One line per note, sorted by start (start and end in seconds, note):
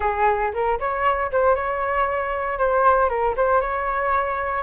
0.00 0.52 G#4
0.53 0.79 A#4
0.79 1.31 C#5
1.31 1.55 C5
1.55 2.58 C#5
2.58 3.09 C5
3.09 3.35 A#4
3.36 3.60 C5
3.60 4.62 C#5